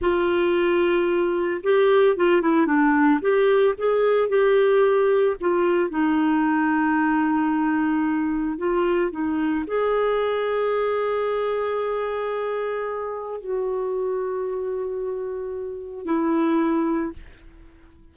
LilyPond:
\new Staff \with { instrumentName = "clarinet" } { \time 4/4 \tempo 4 = 112 f'2. g'4 | f'8 e'8 d'4 g'4 gis'4 | g'2 f'4 dis'4~ | dis'1 |
f'4 dis'4 gis'2~ | gis'1~ | gis'4 fis'2.~ | fis'2 e'2 | }